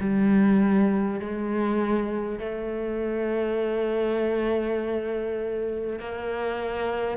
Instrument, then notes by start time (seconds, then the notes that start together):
cello
0.00 G3
1.20 G#3
2.39 A3
5.99 A#3